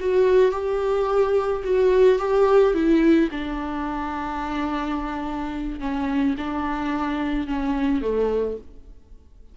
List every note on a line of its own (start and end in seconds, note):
0.00 0.52 F#4
0.52 1.63 G4
1.64 2.19 F#4
2.19 2.74 G4
2.74 3.30 E4
3.31 5.80 D4
5.80 6.36 C#4
6.38 7.47 D4
7.47 8.02 C#4
8.02 8.57 A3